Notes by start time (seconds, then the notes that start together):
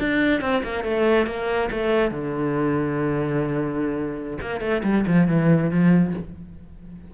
0.00 D4
0.42 C4
0.64 A#3
0.84 A3
1.27 A#3
1.71 A3
2.12 D3
4.42 A#3
4.61 A3
4.84 G3
5.07 F3
5.28 E3
5.71 F3